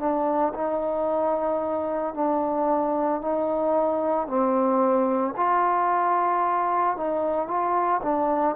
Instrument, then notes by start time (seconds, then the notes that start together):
trombone
0.00 D4
0.55 D#4
2.15 D4
3.22 D#4
4.28 C4
5.37 F4
6.97 D#4
7.48 F4
8.03 D4